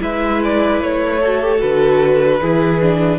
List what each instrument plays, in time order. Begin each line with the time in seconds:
0.00 cello G#3, viola E4, violin B4 E5
0.44 violin D5
0.82 cello A3, violin C#5
1.21 viola F#4, violin A4
1.43 viola G4
1.58 cello D3, viola F#4, violin B4
2.42 cello E3, viola E4, violin G#4
2.82 viola D4